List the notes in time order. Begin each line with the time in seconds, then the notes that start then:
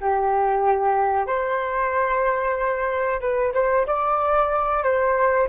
0.00 G4
1.26 C5
3.20 B4
3.53 C5
3.86 D5
4.83 C5